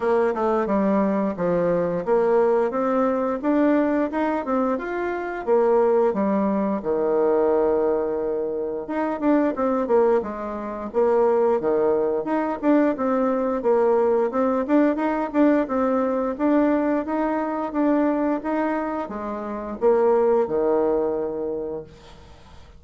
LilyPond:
\new Staff \with { instrumentName = "bassoon" } { \time 4/4 \tempo 4 = 88 ais8 a8 g4 f4 ais4 | c'4 d'4 dis'8 c'8 f'4 | ais4 g4 dis2~ | dis4 dis'8 d'8 c'8 ais8 gis4 |
ais4 dis4 dis'8 d'8 c'4 | ais4 c'8 d'8 dis'8 d'8 c'4 | d'4 dis'4 d'4 dis'4 | gis4 ais4 dis2 | }